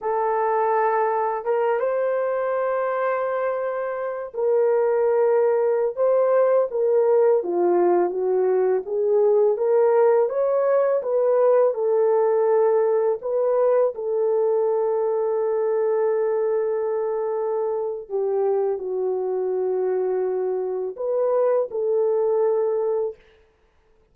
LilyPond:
\new Staff \with { instrumentName = "horn" } { \time 4/4 \tempo 4 = 83 a'2 ais'8 c''4.~ | c''2 ais'2~ | ais'16 c''4 ais'4 f'4 fis'8.~ | fis'16 gis'4 ais'4 cis''4 b'8.~ |
b'16 a'2 b'4 a'8.~ | a'1~ | a'4 g'4 fis'2~ | fis'4 b'4 a'2 | }